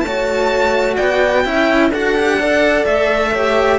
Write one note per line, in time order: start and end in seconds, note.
0.00 0.97 A3
0.00 0.96 C#5
0.00 0.94 A5
0.06 1.44 F#4
0.96 1.45 B3
0.96 1.43 D5
0.96 1.90 G5
1.44 1.90 C#4
1.44 1.91 E4
1.44 1.90 E5
1.90 2.84 D4
1.90 2.15 F#4
1.90 2.37 A4
1.90 2.85 F#5
2.15 2.38 G4
2.39 3.33 A4
2.39 3.32 D5
2.85 3.78 A3
2.85 3.78 E5
3.32 3.78 G4
3.32 3.78 C#5